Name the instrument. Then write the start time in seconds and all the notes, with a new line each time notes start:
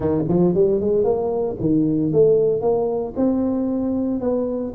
tuba
0.00 D#3
0.28 F3
0.54 G3
0.80 G#3
1.04 A#3
1.60 D#3
2.12 A3
2.61 A#3
3.16 C4
4.20 B3